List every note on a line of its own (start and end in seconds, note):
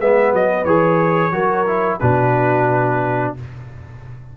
0.00 0.33 G#3
0.00 0.66 B3
0.00 1.34 B4
0.00 0.34 E5
0.33 0.65 F#3
0.33 0.65 D#5
0.65 1.32 E3
0.65 1.32 G#4
0.65 2.00 C#5
1.32 2.00 F#3
1.32 1.66 F#4
1.32 1.99 A#4
1.67 2.01 E4
1.99 3.37 B2
1.99 3.37 D4
1.99 3.34 F#4
1.99 3.34 B4